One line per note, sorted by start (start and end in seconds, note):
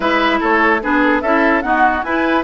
0.00 0.40 G#3
0.00 0.80 E4
0.00 0.39 B4
0.00 0.41 E5
0.40 0.83 A3
0.40 0.80 A4
0.40 0.82 C#5
0.82 1.22 B3
0.82 1.23 D4
0.82 1.22 G#4
0.82 1.02 B4
1.03 1.21 A4
1.21 1.63 C#4
1.21 1.63 E4
1.21 1.63 A4
1.21 1.61 E5
1.61 2.03 B3
1.61 2.04 D#4
1.61 2.05 F#4
1.61 2.02 F#5
2.03 2.43 E4
2.03 2.43 B4
2.03 2.43 G#5